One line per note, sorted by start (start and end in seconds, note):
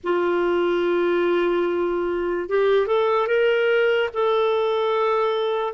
0.03 2.48 F4
2.48 2.87 G4
2.87 3.27 A4
3.27 4.09 A#4
4.13 5.73 A4